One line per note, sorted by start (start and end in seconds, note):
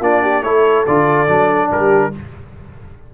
0.00 0.42 A#3
0.00 0.43 D4
0.00 0.21 F4
0.00 0.43 D5
0.21 0.43 G4
0.42 0.85 A3
0.42 0.85 E4
0.42 1.70 A4
0.42 0.85 C#5
0.86 1.28 D3
0.86 1.27 F4
0.86 1.71 D5
1.27 1.70 F#3
1.27 2.12 D4
1.71 2.13 G3
1.71 2.14 G4
1.71 2.14 A#4